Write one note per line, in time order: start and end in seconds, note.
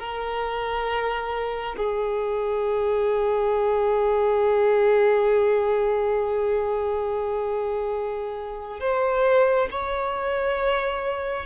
0.00 1.76 A#4
1.77 8.81 G#4
8.81 9.69 C5
9.71 11.46 C#5